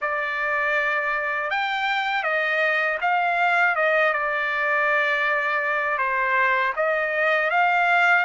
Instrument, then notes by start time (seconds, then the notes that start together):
trumpet
0.01 D5
1.50 G5
2.23 D#5
3.01 F5
3.75 D#5
4.12 D5
5.98 C5
6.76 D#5
7.50 F5